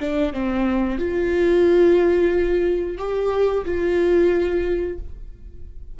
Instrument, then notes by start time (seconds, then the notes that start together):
viola
0.00 D4
0.33 C4
0.99 F4
2.98 G4
3.65 F4